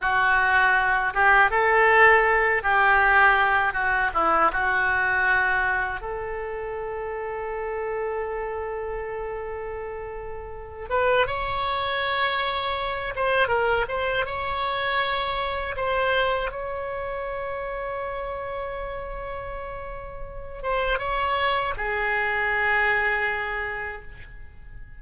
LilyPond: \new Staff \with { instrumentName = "oboe" } { \time 4/4 \tempo 4 = 80 fis'4. g'8 a'4. g'8~ | g'4 fis'8 e'8 fis'2 | a'1~ | a'2~ a'8 b'8 cis''4~ |
cis''4. c''8 ais'8 c''8 cis''4~ | cis''4 c''4 cis''2~ | cis''2.~ cis''8 c''8 | cis''4 gis'2. | }